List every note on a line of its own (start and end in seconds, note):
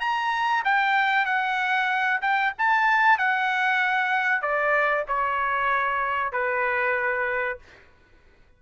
0.00 0.63 A#5
0.65 1.25 G5
1.25 2.20 F#5
2.22 2.53 G5
2.58 3.18 A5
3.18 4.42 F#5
4.42 5.05 D5
5.08 6.32 C#5
6.32 7.58 B4